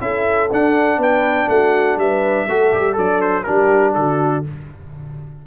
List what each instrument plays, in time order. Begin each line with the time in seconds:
0.00 tuba C#4, trombone E4, horn A4, trumpet E5
0.51 tuba D4, trombone D4, trumpet F#5
0.97 tuba B3, horn B4, trumpet G5
1.48 tuba A3, horn F#4, trumpet F#5
1.96 tuba G3, horn B4, trumpet E5
2.46 tuba A3, trombone F#4, horn A4
2.72 tuba G3, trombone G4
2.92 tuba F#3, horn D4, trombone A4, trumpet D5
3.21 trumpet C5
3.43 tuba G3, trombone D4, horn G4, trumpet A#4
3.94 tuba D3, horn F#4, trumpet A4